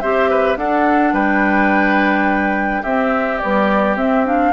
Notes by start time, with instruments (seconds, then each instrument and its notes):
0.00 bassoon C4, clarinet G4, oboe C5, flute E5
0.30 oboe B4
0.57 bassoon D4, clarinet D4, oboe A4, flute F#5
1.13 bassoon G3, oboe B4, flute G5
2.82 bassoon C4, clarinet C4, oboe G4, flute E5
3.38 clarinet G3, bassoon B3, flute D5
3.96 bassoon C4, clarinet C4, flute E5
4.25 clarinet D4, flute F5